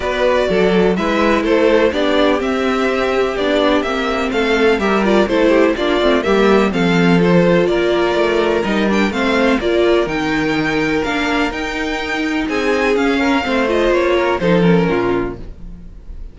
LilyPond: <<
  \new Staff \with { instrumentName = "violin" } { \time 4/4 \tempo 4 = 125 d''2 e''4 c''4 | d''4 e''2 d''4 | e''4 f''4 e''8 d''8 c''4 | d''4 e''4 f''4 c''4 |
d''2 dis''8 g''8 f''4 | d''4 g''2 f''4 | g''2 gis''4 f''4~ | f''8 dis''8 cis''4 c''8 ais'4. | }
  \new Staff \with { instrumentName = "violin" } { \time 4/4 b'4 a'4 b'4 a'4 | g'1~ | g'4 a'4 ais'4 a'8 g'8 | f'4 g'4 a'2 |
ais'2. c''4 | ais'1~ | ais'2 gis'4. ais'8 | c''4. ais'8 a'4 f'4 | }
  \new Staff \with { instrumentName = "viola" } { \time 4/4 fis'2 e'2 | d'4 c'2 d'4 | c'2 g'8 f'8 e'4 | d'8 c'8 ais4 c'4 f'4~ |
f'2 dis'8 d'8 c'4 | f'4 dis'2 d'4 | dis'2. cis'4 | c'8 f'4. dis'8 cis'4. | }
  \new Staff \with { instrumentName = "cello" } { \time 4/4 b4 fis4 gis4 a4 | b4 c'2 b4 | ais4 a4 g4 a4 | ais8 a8 g4 f2 |
ais4 a4 g4 a4 | ais4 dis2 ais4 | dis'2 c'4 cis'4 | a4 ais4 f4 ais,4 | }
>>